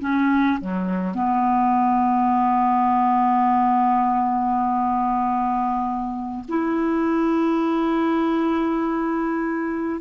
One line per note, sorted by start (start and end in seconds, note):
0.00 0.59 C#4
0.60 1.15 F#3
1.15 6.44 B3
6.49 10.01 E4